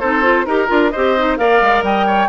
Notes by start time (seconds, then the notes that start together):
0.00 C4 D#4 A4 C5
0.22 F4
0.46 D#4 G4 A#4
0.68 D4 F4
0.91 C4 G4 C5 D#5
1.18 D#4
1.37 A#3 A#4 D5 F5
1.61 G#3
1.82 G3 D#5 G5
2.06 C#5